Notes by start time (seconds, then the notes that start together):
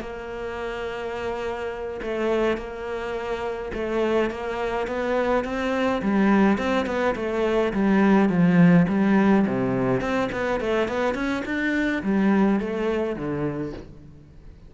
0.00 A#3
2.02 A3
2.57 A#3
3.73 A3
4.30 A#3
4.87 B3
5.44 C4
6.02 G3
6.58 C4
6.86 B3
7.15 A3
7.73 G3
8.29 F3
8.88 G3
9.46 C3
10.01 C4
10.32 B3
10.60 A3
10.88 B3
11.14 C#4
11.45 D4
12.03 G3
12.60 A3
13.16 D3